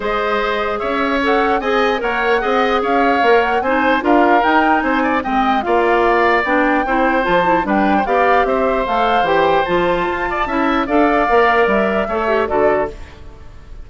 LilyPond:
<<
  \new Staff \with { instrumentName = "flute" } { \time 4/4 \tempo 4 = 149 dis''2 e''4 fis''4 | gis''4 fis''2 f''4~ | f''8 fis''8 gis''4 f''4 g''4 | gis''4 g''4 f''2 |
g''2 a''4 g''4 | f''4 e''4 f''4 g''4 | a''2. f''4~ | f''4 e''2 d''4 | }
  \new Staff \with { instrumentName = "oboe" } { \time 4/4 c''2 cis''2 | dis''4 cis''4 dis''4 cis''4~ | cis''4 c''4 ais'2 | c''8 d''8 dis''4 d''2~ |
d''4 c''2 b'8. c''16 | d''4 c''2.~ | c''4. d''8 e''4 d''4~ | d''2 cis''4 a'4 | }
  \new Staff \with { instrumentName = "clarinet" } { \time 4/4 gis'2. a'4 | gis'4 ais'4 gis'2 | ais'4 dis'4 f'4 dis'4~ | dis'4 c'4 f'2 |
d'4 e'4 f'8 e'8 d'4 | g'2 a'4 g'4 | f'2 e'4 a'4 | ais'2 a'8 g'8 fis'4 | }
  \new Staff \with { instrumentName = "bassoon" } { \time 4/4 gis2 cis'2 | c'4 ais4 c'4 cis'4 | ais4 c'4 d'4 dis'4 | c'4 gis4 ais2 |
b4 c'4 f4 g4 | b4 c'4 a4 e4 | f4 f'4 cis'4 d'4 | ais4 g4 a4 d4 | }
>>